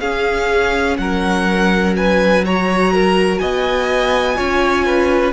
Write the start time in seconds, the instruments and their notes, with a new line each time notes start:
0.00 cello C#4, viola C#4, violin G#4 F5
0.97 cello F#3, violin A#4 F#5
1.96 violin B4 G#5
2.44 viola F#4, violin C#5 A#5
2.93 violin A#4
3.38 cello B3, violin D#5 G#5
4.36 cello C#4, viola F4, violin C#5
4.85 violin B4